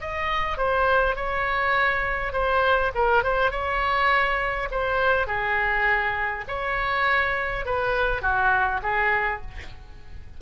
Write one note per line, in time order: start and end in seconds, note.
0.00 0.57 D#5
0.57 1.16 C5
1.16 2.32 C#5
2.32 2.91 C5
2.94 3.23 A#4
3.23 3.51 C5
3.51 4.68 C#5
4.71 5.26 C5
5.26 6.44 G#4
6.47 7.65 C#5
7.65 8.21 B4
8.21 8.80 F#4
8.82 9.41 G#4